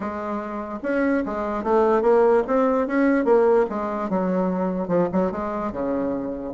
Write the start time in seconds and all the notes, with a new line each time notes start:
0.00 G#3
0.82 C#4
1.25 G#3
1.63 A3
2.02 A#3
2.47 C4
2.87 C#4
3.24 A#3
3.69 G#3
4.09 F#3
4.88 F3
5.12 F#3
5.31 G#3
5.71 C#3